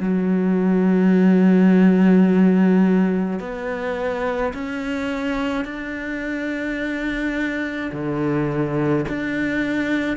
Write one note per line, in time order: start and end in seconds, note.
0.00 3.40 F#3
3.40 4.53 B3
4.53 5.65 C#4
5.65 7.91 D4
7.92 9.05 D3
9.08 10.17 D4